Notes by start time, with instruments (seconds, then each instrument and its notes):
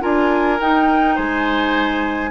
0.00 bassoon D4, clarinet F4, oboe A#4, flute G#5
0.60 bassoon D#4, clarinet D#4, flute G5
1.15 bassoon G#3, oboe C5, flute G#5